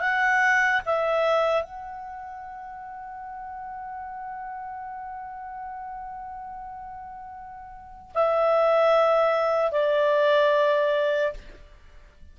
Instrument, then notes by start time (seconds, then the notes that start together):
clarinet
0.00 F#5
0.86 E5
1.63 F#5
8.14 E5
9.71 D5